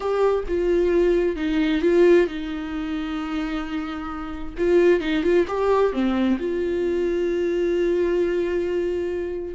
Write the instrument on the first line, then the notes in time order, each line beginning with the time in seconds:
viola
0.00 G4
0.48 F4
1.36 D#4
1.81 F4
2.27 D#4
4.57 F4
5.00 D#4
5.23 F4
5.47 G4
5.92 C4
6.39 F4